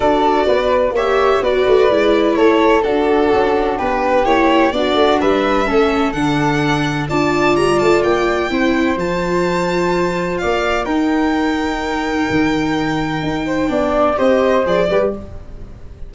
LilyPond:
<<
  \new Staff \with { instrumentName = "violin" } { \time 4/4 \tempo 4 = 127 d''2 e''4 d''4~ | d''4 cis''4 a'2 | b'4 cis''4 d''4 e''4~ | e''4 fis''2 a''4 |
ais''8 a''8 g''2 a''4~ | a''2 f''4 g''4~ | g''1~ | g''2 dis''4 d''4 | }
  \new Staff \with { instrumentName = "flute" } { \time 4/4 a'4 b'4 cis''4 b'4~ | b'4 a'4 fis'2 | g'2 fis'4 b'4 | a'2. d''4~ |
d''2 c''2~ | c''2 d''4 ais'4~ | ais'1~ | ais'8 c''8 d''4 c''4. b'8 | }
  \new Staff \with { instrumentName = "viola" } { \time 4/4 fis'2 g'4 fis'4 | e'2 d'2~ | d'4 e'4 d'2 | cis'4 d'2 f'4~ |
f'2 e'4 f'4~ | f'2. dis'4~ | dis'1~ | dis'4 d'4 g'4 gis'8 g'8 | }
  \new Staff \with { instrumentName = "tuba" } { \time 4/4 d'4 b4 ais4 b8 a8 | gis4 a4 d'4 cis'4 | b4 ais4 b8 a8 g4 | a4 d2 d'4 |
g8 a8 ais4 c'4 f4~ | f2 ais4 dis'4~ | dis'2 dis2 | dis'4 b4 c'4 f8 g8 | }
>>